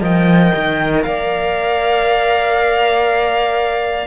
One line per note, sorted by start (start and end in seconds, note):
0.00 0.51 F3
0.00 4.07 A#4
0.00 1.03 D#5
0.00 1.03 G5
0.55 1.06 D#3
1.03 4.07 A#3
1.03 4.07 D5
1.03 4.07 F5